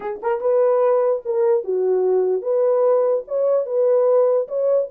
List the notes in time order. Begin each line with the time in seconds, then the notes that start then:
0.00 G#4
0.22 A#4
0.40 B4
1.25 A#4
1.63 F#4
2.42 B4
3.27 C#5
3.66 B4
4.47 C#5